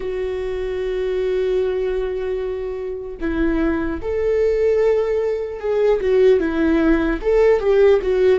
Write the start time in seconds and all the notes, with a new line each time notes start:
0.00 F#4
3.20 E4
4.01 A4
5.60 G#4
6.00 F#4
6.39 E4
7.21 A4
7.60 G4
8.01 F#4